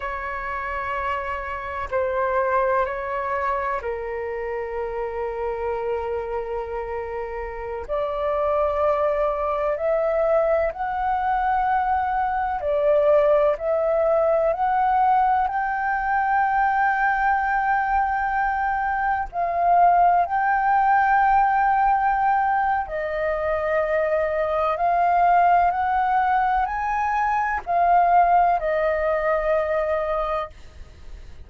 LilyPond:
\new Staff \with { instrumentName = "flute" } { \time 4/4 \tempo 4 = 63 cis''2 c''4 cis''4 | ais'1~ | ais'16 d''2 e''4 fis''8.~ | fis''4~ fis''16 d''4 e''4 fis''8.~ |
fis''16 g''2.~ g''8.~ | g''16 f''4 g''2~ g''8. | dis''2 f''4 fis''4 | gis''4 f''4 dis''2 | }